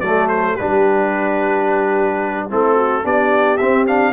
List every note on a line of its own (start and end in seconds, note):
0.00 0.56 F#3
0.00 0.59 A3
0.00 0.55 A4
0.00 0.28 D5
0.28 0.56 C5
0.55 2.51 G3
0.55 2.50 D4
0.55 2.48 G4
0.55 2.49 B4
2.50 3.05 A3
2.50 3.03 C4
2.50 2.75 E4
2.50 3.06 A4
2.75 3.02 F#4
3.03 3.60 B3
3.03 3.58 D4
3.03 4.13 G4
3.03 3.57 D5
3.57 3.87 C4
3.57 4.13 C4
3.57 3.85 E5
3.87 4.13 D4
3.87 4.13 F5